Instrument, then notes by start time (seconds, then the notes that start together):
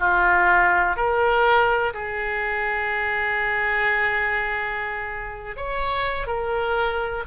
oboe
0.00 F4
0.97 A#4
1.94 G#4
5.56 C#5
6.27 A#4